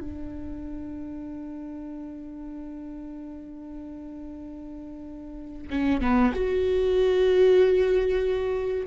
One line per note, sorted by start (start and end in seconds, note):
0.00 5.68 D4
5.70 6.01 C#4
6.01 6.32 B3
6.34 8.87 F#4